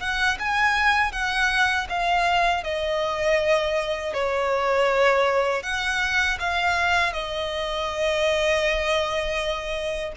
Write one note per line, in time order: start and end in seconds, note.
0.00 0.38 F#5
0.39 1.12 G#5
1.12 1.87 F#5
1.89 2.64 F5
2.64 4.14 D#5
4.14 5.63 C#5
5.63 6.38 F#5
6.40 7.12 F5
7.12 10.12 D#5